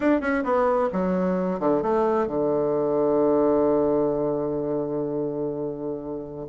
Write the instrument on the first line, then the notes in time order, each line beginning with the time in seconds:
bassoon
0.00 D4
0.20 C#4
0.43 B3
0.92 F#3
1.59 D3
1.82 A3
2.26 D3